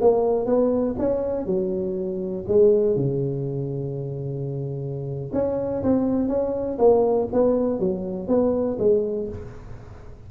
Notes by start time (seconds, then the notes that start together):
0.00 A#3
0.46 B3
0.98 C#4
1.45 F#3
2.47 G#3
2.95 C#3
5.32 C#4
5.82 C4
6.28 C#4
6.78 A#3
7.32 B3
7.79 F#3
8.27 B3
8.79 G#3